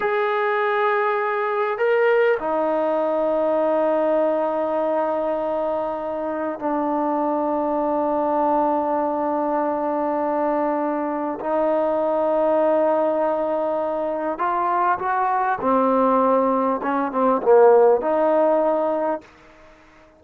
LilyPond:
\new Staff \with { instrumentName = "trombone" } { \time 4/4 \tempo 4 = 100 gis'2. ais'4 | dis'1~ | dis'2. d'4~ | d'1~ |
d'2. dis'4~ | dis'1 | f'4 fis'4 c'2 | cis'8 c'8 ais4 dis'2 | }